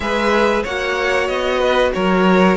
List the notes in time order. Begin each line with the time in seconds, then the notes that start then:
0.00 G#3 G#4 B4 E5
0.63 A#3 F#4 C#5 F#5
1.27 B3 D#5
1.59 B4
1.93 F#3 A#4 C#5